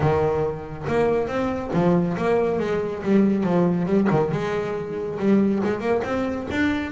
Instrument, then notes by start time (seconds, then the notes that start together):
double bass
0.00 D#3
0.87 A#3
1.27 C4
1.73 F3
2.17 A#3
2.59 G#3
3.02 G3
3.43 F3
3.86 G3
4.10 D#3
4.31 G#3
5.19 G3
5.63 G#3
5.80 A#3
6.04 C4
6.50 D4